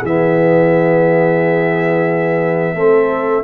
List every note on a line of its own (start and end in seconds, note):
0.00 2.74 E3
0.00 2.76 B3
0.00 2.73 G#4
0.00 3.43 E5
2.74 3.42 A3
2.74 3.43 C4
2.74 3.43 A4